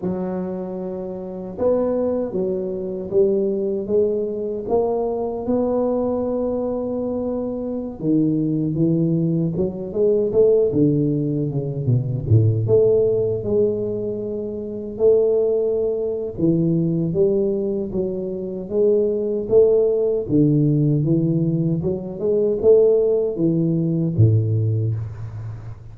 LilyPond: \new Staff \with { instrumentName = "tuba" } { \time 4/4 \tempo 4 = 77 fis2 b4 fis4 | g4 gis4 ais4 b4~ | b2~ b16 dis4 e8.~ | e16 fis8 gis8 a8 d4 cis8 b,8 a,16~ |
a,16 a4 gis2 a8.~ | a4 e4 g4 fis4 | gis4 a4 d4 e4 | fis8 gis8 a4 e4 a,4 | }